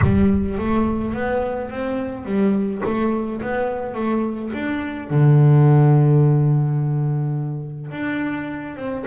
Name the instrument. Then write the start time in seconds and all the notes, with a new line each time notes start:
double bass
0.02 G3
0.58 A3
1.13 B3
1.70 C4
2.25 G3
2.84 A3
3.41 B3
3.94 A3
4.53 D4
5.10 D3
7.91 D4
8.76 C4